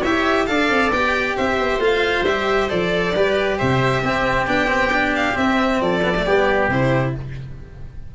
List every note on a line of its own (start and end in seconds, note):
0.00 0.49 E4
0.00 0.44 C#5
0.00 0.47 E5
0.06 0.47 G4
0.47 0.70 D4
0.47 0.92 A4
0.47 1.37 D5
0.47 0.91 F5
0.70 0.91 C4
0.91 1.35 B3
0.91 1.80 G4
0.91 1.36 G5
1.37 1.59 C4
1.37 3.14 C5
1.37 1.81 E5
1.59 1.79 B3
1.79 2.22 A3
1.79 2.25 F4
1.79 2.25 F5
2.22 2.67 G3
2.22 2.69 E5
2.28 2.70 G4
2.69 3.15 F3
2.69 3.14 A4
2.69 3.58 D5
3.15 3.59 G3
3.15 4.04 G4
3.15 3.58 B4
3.58 4.03 C3
3.58 4.02 C5
3.58 4.47 E5
4.03 4.47 C4
4.03 5.82 G4
4.47 5.36 B3
4.47 4.67 D4
4.47 5.14 G5
4.67 4.90 C4
4.93 5.34 D4
5.15 5.37 F5
5.34 6.00 C4
5.34 5.81 C4
5.34 5.81 E5
5.81 6.25 F3
5.81 6.25 A4
5.81 6.70 D5
6.03 6.14 B3
6.17 6.27 A3
6.25 6.68 G3
6.25 6.71 B3
6.25 7.14 G4
6.68 7.13 C3
6.68 7.15 E4
6.68 7.15 C5